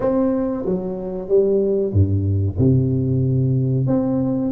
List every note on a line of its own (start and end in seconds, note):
0.00 0.65 C4
0.65 1.28 F#3
1.28 1.92 G3
1.92 2.57 G2
2.58 3.87 C3
3.87 4.51 C4